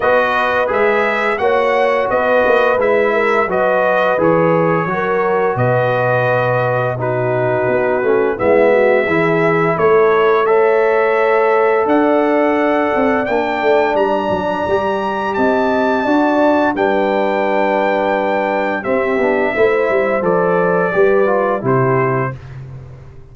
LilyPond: <<
  \new Staff \with { instrumentName = "trumpet" } { \time 4/4 \tempo 4 = 86 dis''4 e''4 fis''4 dis''4 | e''4 dis''4 cis''2 | dis''2 b'2 | e''2 cis''4 e''4~ |
e''4 fis''2 g''4 | ais''2 a''2 | g''2. e''4~ | e''4 d''2 c''4 | }
  \new Staff \with { instrumentName = "horn" } { \time 4/4 b'2 cis''4 b'4~ | b'8 ais'8 b'2 ais'4 | b'2 fis'2 | e'8 fis'8 gis'4 a'4 cis''4~ |
cis''4 d''2.~ | d''2 dis''4 d''4 | b'2. g'4 | c''2 b'4 g'4 | }
  \new Staff \with { instrumentName = "trombone" } { \time 4/4 fis'4 gis'4 fis'2 | e'4 fis'4 gis'4 fis'4~ | fis'2 dis'4. cis'8 | b4 e'2 a'4~ |
a'2. d'4~ | d'4 g'2 fis'4 | d'2. c'8 d'8 | e'4 a'4 g'8 f'8 e'4 | }
  \new Staff \with { instrumentName = "tuba" } { \time 4/4 b4 gis4 ais4 b8 ais8 | gis4 fis4 e4 fis4 | b,2. b8 a8 | gis4 e4 a2~ |
a4 d'4. c'8 ais8 a8 | g8 fis8 g4 c'4 d'4 | g2. c'8 b8 | a8 g8 f4 g4 c4 | }
>>